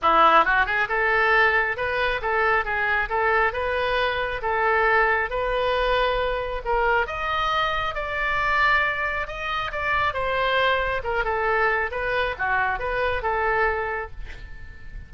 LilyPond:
\new Staff \with { instrumentName = "oboe" } { \time 4/4 \tempo 4 = 136 e'4 fis'8 gis'8 a'2 | b'4 a'4 gis'4 a'4 | b'2 a'2 | b'2. ais'4 |
dis''2 d''2~ | d''4 dis''4 d''4 c''4~ | c''4 ais'8 a'4. b'4 | fis'4 b'4 a'2 | }